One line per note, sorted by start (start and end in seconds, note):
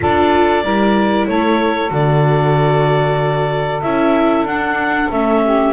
0.00 0.63 D4
0.00 0.64 F4
0.00 0.63 A4
0.00 1.27 D5
0.63 1.27 G3
0.63 1.88 E4
0.63 1.27 A#4
1.27 1.90 A3
1.27 5.42 A4
1.27 1.91 C#5
1.88 3.82 D3
1.88 3.80 F#4
1.88 3.81 D5
3.81 4.43 C#4
3.81 4.47 E4
3.81 4.45 E5
4.43 5.07 D4
4.43 5.11 D4
4.43 5.10 F#5
5.10 5.72 A3
5.10 5.72 C#4
5.10 5.72 E5
5.43 5.72 G4